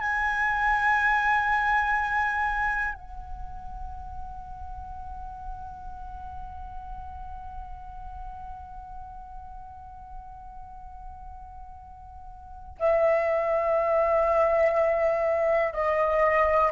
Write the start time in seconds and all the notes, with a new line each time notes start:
0.00 G#5
2.94 F#5
12.79 E5
15.73 D#5